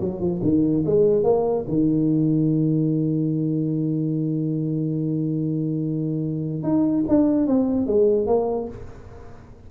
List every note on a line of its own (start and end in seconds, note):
0.00 0.20 F#3
0.20 0.41 F3
0.43 0.84 D#3
0.85 1.23 G#3
1.23 1.65 A#3
1.68 6.63 D#3
6.63 7.04 D#4
7.08 7.47 D4
7.47 7.86 C4
7.86 8.27 G#3
8.27 8.68 A#3